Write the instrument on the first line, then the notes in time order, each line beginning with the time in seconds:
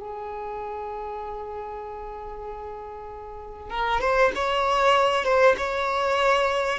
violin
0.00 G#4
3.70 A#4
4.01 C5
4.35 C#5
5.25 C5
5.58 C#5